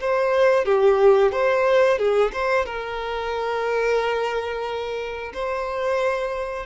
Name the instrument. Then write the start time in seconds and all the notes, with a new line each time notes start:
violin
0.00 C5
0.65 G4
1.32 C5
1.98 G#4
2.33 C5
2.65 A#4
5.33 C5